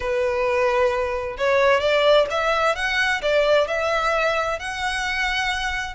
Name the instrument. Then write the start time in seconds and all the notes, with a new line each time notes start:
violin
0.00 B4
1.37 C#5
1.80 D5
2.30 E5
2.75 F#5
3.22 D5
3.67 E5
4.59 F#5